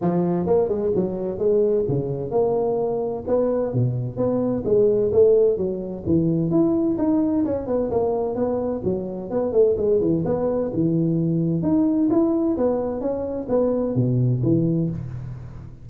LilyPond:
\new Staff \with { instrumentName = "tuba" } { \time 4/4 \tempo 4 = 129 f4 ais8 gis8 fis4 gis4 | cis4 ais2 b4 | b,4 b4 gis4 a4 | fis4 e4 e'4 dis'4 |
cis'8 b8 ais4 b4 fis4 | b8 a8 gis8 e8 b4 e4~ | e4 dis'4 e'4 b4 | cis'4 b4 b,4 e4 | }